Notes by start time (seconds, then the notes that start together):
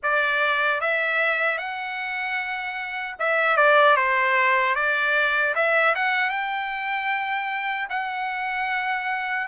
0.02 D5
0.80 E5
1.58 F#5
3.19 E5
3.56 D5
3.96 C5
4.75 D5
5.55 E5
5.95 F#5
6.30 G5
7.89 F#5